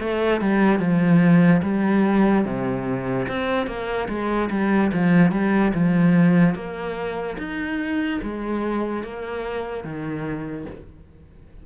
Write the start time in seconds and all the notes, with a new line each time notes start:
0.00 A3
0.41 G3
0.80 F3
1.63 G3
2.45 C3
3.28 C4
3.67 A#3
4.09 G#3
4.50 G3
4.93 F3
5.32 G3
5.74 F3
6.55 A#3
7.38 D#4
8.22 G#3
9.04 A#3
9.84 D#3